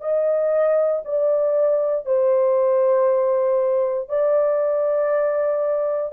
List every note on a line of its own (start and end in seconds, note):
0.00 1.02 D#5
1.04 2.05 D5
2.05 4.09 C5
4.09 6.12 D5